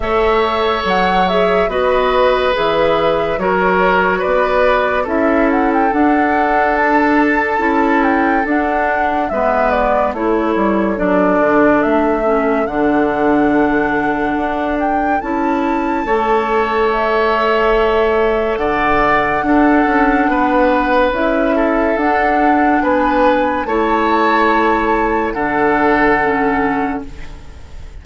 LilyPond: <<
  \new Staff \with { instrumentName = "flute" } { \time 4/4 \tempo 4 = 71 e''4 fis''8 e''8 dis''4 e''4 | cis''4 d''4 e''8 fis''16 g''16 fis''4 | a''4. g''8 fis''4 e''8 d''8 | cis''4 d''4 e''4 fis''4~ |
fis''4. g''8 a''2 | e''2 fis''2~ | fis''4 e''4 fis''4 gis''4 | a''2 fis''2 | }
  \new Staff \with { instrumentName = "oboe" } { \time 4/4 cis''2 b'2 | ais'4 b'4 a'2~ | a'2. b'4 | a'1~ |
a'2. cis''4~ | cis''2 d''4 a'4 | b'4. a'4. b'4 | cis''2 a'2 | }
  \new Staff \with { instrumentName = "clarinet" } { \time 4/4 a'4. gis'8 fis'4 gis'4 | fis'2 e'4 d'4~ | d'4 e'4 d'4 b4 | e'4 d'4. cis'8 d'4~ |
d'2 e'4 a'4~ | a'2. d'4~ | d'4 e'4 d'2 | e'2 d'4 cis'4 | }
  \new Staff \with { instrumentName = "bassoon" } { \time 4/4 a4 fis4 b4 e4 | fis4 b4 cis'4 d'4~ | d'4 cis'4 d'4 gis4 | a8 g8 fis8 d8 a4 d4~ |
d4 d'4 cis'4 a4~ | a2 d4 d'8 cis'8 | b4 cis'4 d'4 b4 | a2 d2 | }
>>